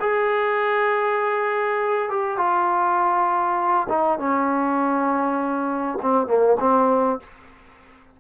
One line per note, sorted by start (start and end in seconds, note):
0.00 2.09 G#4
2.09 2.37 G4
2.37 3.87 F4
3.89 4.19 D#4
4.19 5.99 C#4
6.02 6.27 C4
6.27 6.57 A#3
6.60 7.20 C4